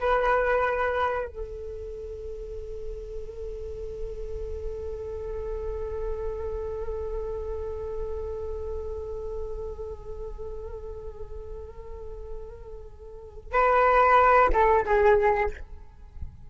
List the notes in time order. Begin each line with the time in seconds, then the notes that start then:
0.00 B4
1.28 A4
13.53 B4
14.53 A4
14.86 G#4